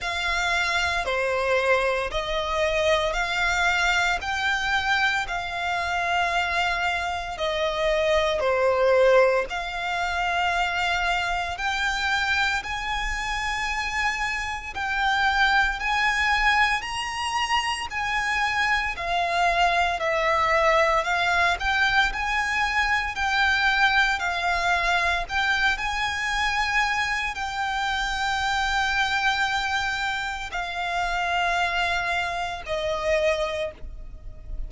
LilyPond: \new Staff \with { instrumentName = "violin" } { \time 4/4 \tempo 4 = 57 f''4 c''4 dis''4 f''4 | g''4 f''2 dis''4 | c''4 f''2 g''4 | gis''2 g''4 gis''4 |
ais''4 gis''4 f''4 e''4 | f''8 g''8 gis''4 g''4 f''4 | g''8 gis''4. g''2~ | g''4 f''2 dis''4 | }